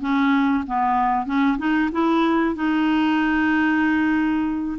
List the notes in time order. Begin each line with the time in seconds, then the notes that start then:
0.00 C#4
0.67 B3
1.26 C#4
1.58 D#4
1.92 E4
2.55 D#4